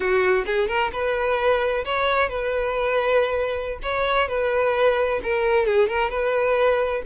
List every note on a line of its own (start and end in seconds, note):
0.00 0.44 F#4
0.46 0.68 G#4
0.68 0.91 A#4
0.92 1.84 B4
1.85 2.29 C#5
2.29 3.79 B4
3.82 4.28 C#5
4.28 5.20 B4
5.23 5.66 A#4
5.66 5.88 G#4
5.88 6.10 A#4
6.10 7.02 B4